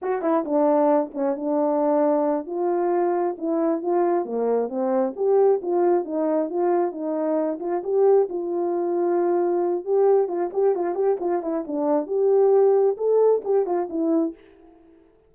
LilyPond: \new Staff \with { instrumentName = "horn" } { \time 4/4 \tempo 4 = 134 fis'8 e'8 d'4. cis'8 d'4~ | d'4. f'2 e'8~ | e'8 f'4 ais4 c'4 g'8~ | g'8 f'4 dis'4 f'4 dis'8~ |
dis'4 f'8 g'4 f'4.~ | f'2 g'4 f'8 g'8 | f'8 g'8 f'8 e'8 d'4 g'4~ | g'4 a'4 g'8 f'8 e'4 | }